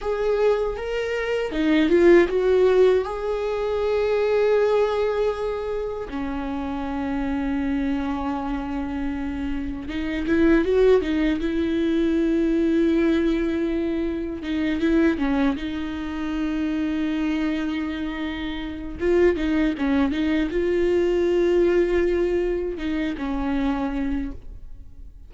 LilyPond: \new Staff \with { instrumentName = "viola" } { \time 4/4 \tempo 4 = 79 gis'4 ais'4 dis'8 f'8 fis'4 | gis'1 | cis'1~ | cis'4 dis'8 e'8 fis'8 dis'8 e'4~ |
e'2. dis'8 e'8 | cis'8 dis'2.~ dis'8~ | dis'4 f'8 dis'8 cis'8 dis'8 f'4~ | f'2 dis'8 cis'4. | }